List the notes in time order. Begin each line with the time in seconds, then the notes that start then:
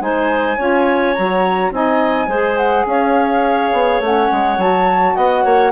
0.00 G#3 D#4 C5 G#5
0.57 C#4 F4 C#5
1.14 F#3 F#4 A#5
1.71 C4 D#4 D#5 G#5
2.27 G#3 G#4 C5
2.57 F#5
2.85 C#4 C#5 F5
3.73 B3
4.00 A3 C#4 F#5
4.32 G#3
4.57 F#3 F#4 A5
5.15 B3 D#5 F#5
5.43 A#3 C#5